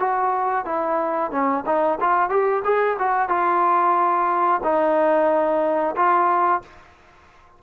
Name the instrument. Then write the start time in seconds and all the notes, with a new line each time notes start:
trombone
0.00 F#4
0.65 E4
1.31 C#4
1.66 D#4
2.00 F4
2.30 G4
2.65 G#4
2.99 F#4
3.29 F4
4.64 D#4
5.96 F4